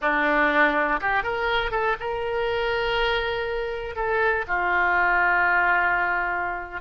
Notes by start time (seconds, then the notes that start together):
0.01 D4
1.00 G4
1.23 A#4
1.71 A4
2.00 A#4
3.95 A4
4.47 F4